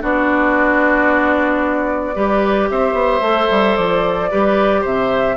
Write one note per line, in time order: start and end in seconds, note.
0.00 2.16 B3
0.00 2.14 D4
0.00 2.15 F#4
0.00 2.70 D5
2.15 2.70 G3
2.15 3.22 G4
2.15 2.69 B4
2.70 2.93 C4
2.70 4.31 C5
2.70 3.76 E5
2.93 3.20 B3
3.21 3.48 A3
3.21 4.30 A4
3.50 3.77 G3
3.76 4.31 F3
3.76 4.83 D5
4.30 4.85 G3
4.30 5.37 G4
4.30 4.81 B4
4.81 5.37 C3
4.81 5.35 C5
4.81 5.37 E5